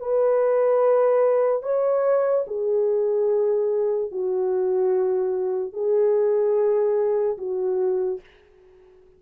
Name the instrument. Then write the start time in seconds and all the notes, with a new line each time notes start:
horn
0.00 B4
1.63 C#5
2.47 G#4
4.12 F#4
5.73 G#4
7.38 F#4